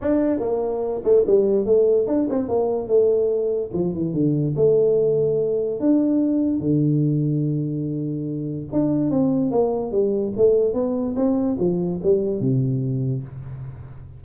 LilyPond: \new Staff \with { instrumentName = "tuba" } { \time 4/4 \tempo 4 = 145 d'4 ais4. a8 g4 | a4 d'8 c'8 ais4 a4~ | a4 f8 e8 d4 a4~ | a2 d'2 |
d1~ | d4 d'4 c'4 ais4 | g4 a4 b4 c'4 | f4 g4 c2 | }